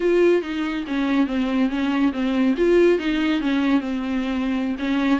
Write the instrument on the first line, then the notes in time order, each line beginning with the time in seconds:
viola
0.00 F4
0.42 D#4
0.87 C#4
1.27 C4
1.69 C#4
2.12 C4
2.57 F4
2.98 D#4
3.40 C#4
3.80 C4
4.79 C#4